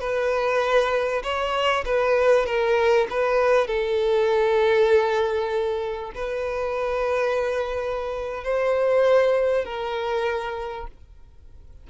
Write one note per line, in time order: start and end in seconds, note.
0.00 1.22 B4
1.23 1.85 C#5
1.85 2.46 B4
2.46 3.07 A#4
3.10 3.67 B4
3.67 6.12 A4
6.15 8.44 B4
8.44 9.65 C5
9.65 10.87 A#4